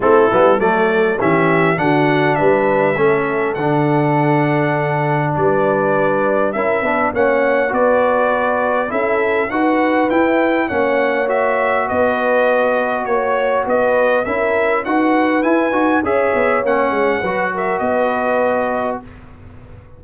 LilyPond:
<<
  \new Staff \with { instrumentName = "trumpet" } { \time 4/4 \tempo 4 = 101 a'4 d''4 e''4 fis''4 | e''2 fis''2~ | fis''4 d''2 e''4 | fis''4 d''2 e''4 |
fis''4 g''4 fis''4 e''4 | dis''2 cis''4 dis''4 | e''4 fis''4 gis''4 e''4 | fis''4. e''8 dis''2 | }
  \new Staff \with { instrumentName = "horn" } { \time 4/4 e'4 a'4 g'4 fis'4 | b'4 a'2.~ | a'4 b'2 ais'8 b'8 | cis''4 b'2 a'4 |
b'2 cis''2 | b'2 cis''4 b'4 | ais'4 b'2 cis''4~ | cis''4 b'8 ais'8 b'2 | }
  \new Staff \with { instrumentName = "trombone" } { \time 4/4 c'8 b8 a4 cis'4 d'4~ | d'4 cis'4 d'2~ | d'2. e'8 d'8 | cis'4 fis'2 e'4 |
fis'4 e'4 cis'4 fis'4~ | fis'1 | e'4 fis'4 e'8 fis'8 gis'4 | cis'4 fis'2. | }
  \new Staff \with { instrumentName = "tuba" } { \time 4/4 a8 g8 fis4 e4 d4 | g4 a4 d2~ | d4 g2 cis'8 b8 | ais4 b2 cis'4 |
dis'4 e'4 ais2 | b2 ais4 b4 | cis'4 dis'4 e'8 dis'8 cis'8 b8 | ais8 gis8 fis4 b2 | }
>>